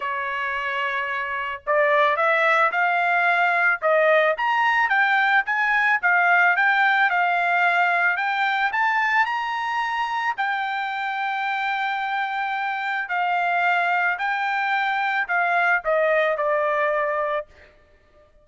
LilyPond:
\new Staff \with { instrumentName = "trumpet" } { \time 4/4 \tempo 4 = 110 cis''2. d''4 | e''4 f''2 dis''4 | ais''4 g''4 gis''4 f''4 | g''4 f''2 g''4 |
a''4 ais''2 g''4~ | g''1 | f''2 g''2 | f''4 dis''4 d''2 | }